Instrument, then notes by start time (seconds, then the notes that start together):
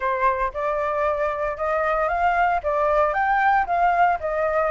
flute
0.00 C5
0.53 D5
1.57 D#5
2.08 F5
2.63 D5
3.13 G5
3.66 F5
4.20 D#5